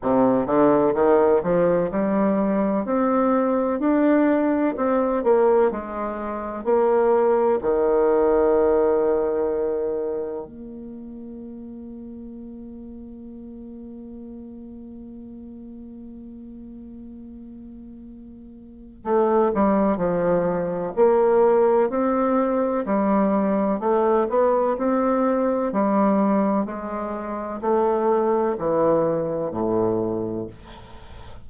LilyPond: \new Staff \with { instrumentName = "bassoon" } { \time 4/4 \tempo 4 = 63 c8 d8 dis8 f8 g4 c'4 | d'4 c'8 ais8 gis4 ais4 | dis2. ais4~ | ais1~ |
ais1 | a8 g8 f4 ais4 c'4 | g4 a8 b8 c'4 g4 | gis4 a4 e4 a,4 | }